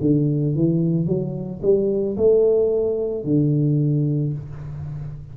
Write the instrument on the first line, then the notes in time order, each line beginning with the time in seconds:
tuba
0.00 D3
0.55 E3
1.06 F#3
1.62 G3
2.17 A3
3.23 D3